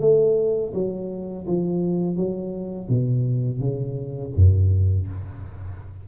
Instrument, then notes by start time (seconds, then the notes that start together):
tuba
0.00 A3
0.74 F#3
1.47 F3
2.16 F#3
2.88 B2
3.59 C#3
4.35 F#2